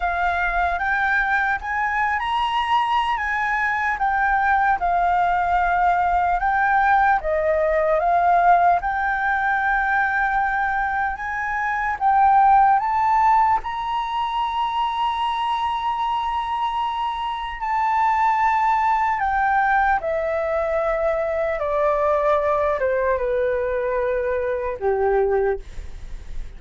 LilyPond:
\new Staff \with { instrumentName = "flute" } { \time 4/4 \tempo 4 = 75 f''4 g''4 gis''8. ais''4~ ais''16 | gis''4 g''4 f''2 | g''4 dis''4 f''4 g''4~ | g''2 gis''4 g''4 |
a''4 ais''2.~ | ais''2 a''2 | g''4 e''2 d''4~ | d''8 c''8 b'2 g'4 | }